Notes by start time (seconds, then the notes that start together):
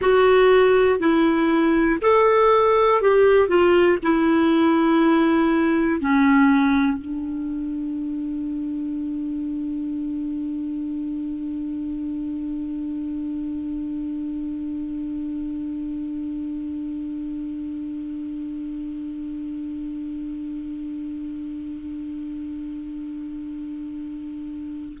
0.00 F#4
0.99 E4
2.01 A4
3.01 G4
3.48 F4
4.03 E4
6.00 C#4
6.97 D4